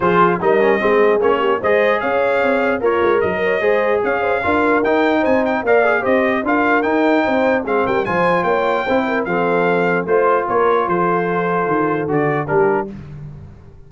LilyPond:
<<
  \new Staff \with { instrumentName = "trumpet" } { \time 4/4 \tempo 4 = 149 c''4 dis''2 cis''4 | dis''4 f''2 cis''4 | dis''2 f''2 | g''4 gis''8 g''8 f''4 dis''4 |
f''4 g''2 f''8 g''8 | gis''4 g''2 f''4~ | f''4 c''4 cis''4 c''4~ | c''2 d''4 ais'4 | }
  \new Staff \with { instrumentName = "horn" } { \time 4/4 gis'4 ais'4 gis'4. g'8 | c''4 cis''2 f'4 | ais'8 cis''8 c''4 cis''8 c''8 ais'4~ | ais'4 c''4 d''4 c''4 |
ais'2 c''4 gis'8 ais'8 | c''4 cis''4 c''8 ais'8 a'4~ | a'4 c''4 ais'4 a'4~ | a'2. g'4 | }
  \new Staff \with { instrumentName = "trombone" } { \time 4/4 f'4 dis'8 cis'8 c'4 cis'4 | gis'2. ais'4~ | ais'4 gis'2 f'4 | dis'2 ais'8 gis'8 g'4 |
f'4 dis'2 c'4 | f'2 e'4 c'4~ | c'4 f'2.~ | f'2 fis'4 d'4 | }
  \new Staff \with { instrumentName = "tuba" } { \time 4/4 f4 g4 gis4 ais4 | gis4 cis'4 c'4 ais8 gis8 | fis4 gis4 cis'4 d'4 | dis'4 c'4 ais4 c'4 |
d'4 dis'4 c'4 gis8 g8 | f4 ais4 c'4 f4~ | f4 a4 ais4 f4~ | f4 dis4 d4 g4 | }
>>